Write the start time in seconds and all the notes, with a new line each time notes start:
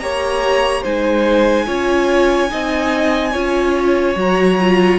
0.00 A#3 G4 C#5 A#5
0.82 G#3 D#4 C5 G#5
1.67 C#4 F4 C#5
2.49 C4 D#4 D#5
3.33 C#4 F4 C#5
4.16 F#3 F#4 A#5
4.61 F4